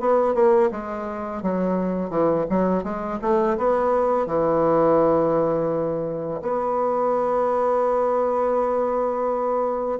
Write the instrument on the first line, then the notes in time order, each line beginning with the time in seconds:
bassoon
0.00 B3
0.34 A#3
0.71 G#3
1.42 F#3
2.10 E3
2.49 F#3
2.83 G#3
3.21 A3
3.57 B3
4.26 E3
6.42 B3